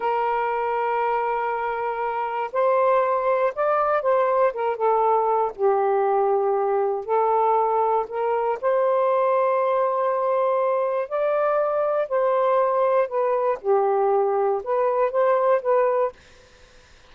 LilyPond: \new Staff \with { instrumentName = "saxophone" } { \time 4/4 \tempo 4 = 119 ais'1~ | ais'4 c''2 d''4 | c''4 ais'8 a'4. g'4~ | g'2 a'2 |
ais'4 c''2.~ | c''2 d''2 | c''2 b'4 g'4~ | g'4 b'4 c''4 b'4 | }